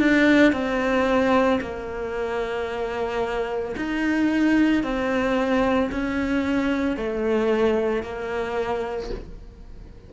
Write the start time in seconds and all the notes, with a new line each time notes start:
0.00 D4
0.53 C4
1.61 A#3
3.77 D#4
4.83 C4
5.92 C#4
6.97 A3
8.03 A#3